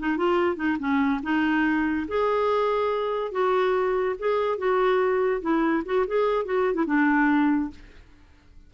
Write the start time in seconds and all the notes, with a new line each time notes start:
0.00 D#4
0.18 F4
0.57 D#4
0.80 C#4
1.23 D#4
2.08 G#4
3.32 F#4
4.19 G#4
4.59 F#4
5.42 E4
5.86 F#4
6.08 G#4
6.46 F#4
6.75 E4
6.87 D4